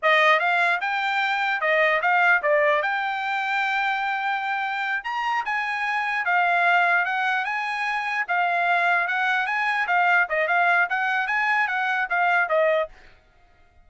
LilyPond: \new Staff \with { instrumentName = "trumpet" } { \time 4/4 \tempo 4 = 149 dis''4 f''4 g''2 | dis''4 f''4 d''4 g''4~ | g''1~ | g''8 ais''4 gis''2 f''8~ |
f''4. fis''4 gis''4.~ | gis''8 f''2 fis''4 gis''8~ | gis''8 f''4 dis''8 f''4 fis''4 | gis''4 fis''4 f''4 dis''4 | }